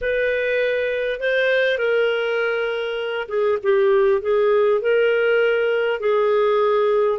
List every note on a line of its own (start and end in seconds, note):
0.01 1.20 B4
1.20 1.78 C5
1.78 3.28 A#4
3.28 3.58 G#4
3.62 4.21 G4
4.21 4.81 G#4
4.81 6.00 A#4
6.00 7.19 G#4